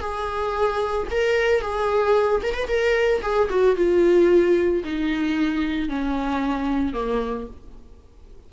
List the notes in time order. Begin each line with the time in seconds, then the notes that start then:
0.00 G#4
1.10 A#4
1.61 G#4
2.43 A#4
2.53 B4
2.67 A#4
3.22 G#4
3.49 F#4
3.75 F4
4.84 D#4
5.88 C#4
6.93 A#3